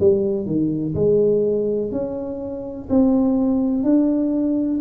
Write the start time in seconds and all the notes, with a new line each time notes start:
0.00 G3
0.46 D#3
0.95 G#3
1.92 C#4
2.89 C4
3.84 D4